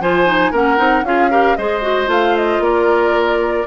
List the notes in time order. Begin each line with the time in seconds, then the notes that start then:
0.00 F3 F4 C5 G#5
0.26 D#4
0.52 A#3 C#4 A#4 F#5
0.77 C4 D#4
1.03 C#4 F4 G#4 F5
1.31 G4 A#4
1.56 G#3 G#4 C5 D#5
1.82 F#4
2.07 A3 F4 F5
2.37 D#5
2.59 A#3 A#4 D5